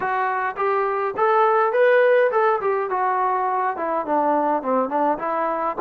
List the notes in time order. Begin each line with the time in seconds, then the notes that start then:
0.00 F#4
0.56 G4
1.16 A4
1.73 B4
2.31 A4
2.61 G4
2.90 F#4
3.77 E4
4.05 D4
4.62 C4
4.89 D4
5.18 E4